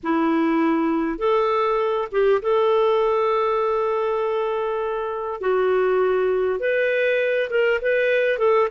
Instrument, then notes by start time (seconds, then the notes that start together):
clarinet
0.03 E4
1.18 A4
2.11 G4
2.42 A4
5.41 F#4
6.59 B4
7.50 A#4
7.81 B4
8.38 A4